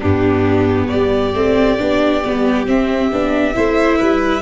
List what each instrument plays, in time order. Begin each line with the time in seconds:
0.00 tuba G2, viola B3, violin D4 G4
0.88 tuba G3, violin G4 D5
1.34 tuba A3, viola C4
1.78 tuba B3, viola D4
2.24 tuba G3, viola B3
2.66 viola C4, tuba C4, violin E5
3.12 tuba B3, viola D4
3.54 tuba A3, viola E4, violin C5
3.98 tuba G3, violin B4